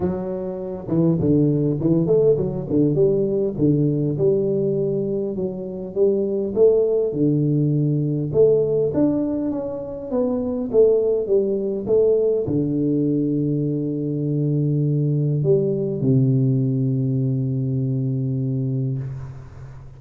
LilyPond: \new Staff \with { instrumentName = "tuba" } { \time 4/4 \tempo 4 = 101 fis4. e8 d4 e8 a8 | fis8 d8 g4 d4 g4~ | g4 fis4 g4 a4 | d2 a4 d'4 |
cis'4 b4 a4 g4 | a4 d2.~ | d2 g4 c4~ | c1 | }